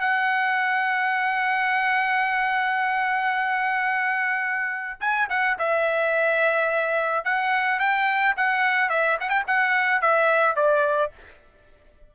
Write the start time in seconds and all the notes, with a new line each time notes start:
0.00 F#5
5.00 G#5
5.29 F#5
5.58 E5
7.24 F#5
7.79 G5
8.36 F#5
8.89 E5
9.20 F#5
9.29 G5
9.47 F#5
10.01 E5
10.56 D5